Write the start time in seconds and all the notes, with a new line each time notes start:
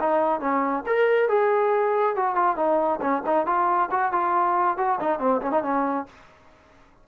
0.00 D#4
0.40 C#4
0.86 A#4
1.29 G#4
2.16 F#4
2.35 F4
2.56 D#4
3.01 C#4
3.26 D#4
3.46 F4
3.91 F#4
4.12 F4
4.77 F#4
5.00 D#4
5.19 C4
5.41 C#4
5.52 D#4
5.63 C#4